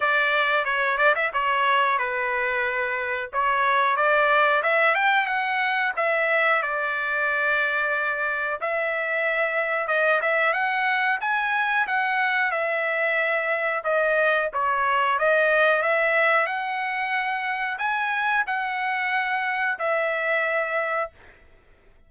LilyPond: \new Staff \with { instrumentName = "trumpet" } { \time 4/4 \tempo 4 = 91 d''4 cis''8 d''16 e''16 cis''4 b'4~ | b'4 cis''4 d''4 e''8 g''8 | fis''4 e''4 d''2~ | d''4 e''2 dis''8 e''8 |
fis''4 gis''4 fis''4 e''4~ | e''4 dis''4 cis''4 dis''4 | e''4 fis''2 gis''4 | fis''2 e''2 | }